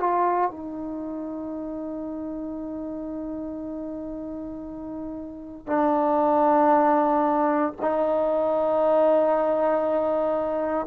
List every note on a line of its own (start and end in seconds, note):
0.00 0.51 F4
0.51 5.67 D#4
5.67 7.74 D4
7.82 10.87 D#4